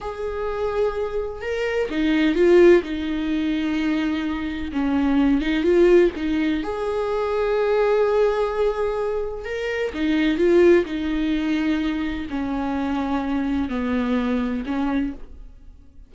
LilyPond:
\new Staff \with { instrumentName = "viola" } { \time 4/4 \tempo 4 = 127 gis'2. ais'4 | dis'4 f'4 dis'2~ | dis'2 cis'4. dis'8 | f'4 dis'4 gis'2~ |
gis'1 | ais'4 dis'4 f'4 dis'4~ | dis'2 cis'2~ | cis'4 b2 cis'4 | }